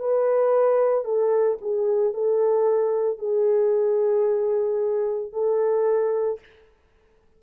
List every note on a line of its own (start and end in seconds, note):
0.00 1.05 B4
1.05 1.59 A4
1.62 2.14 G#4
2.14 3.19 A4
3.19 5.33 G#4
5.33 6.40 A4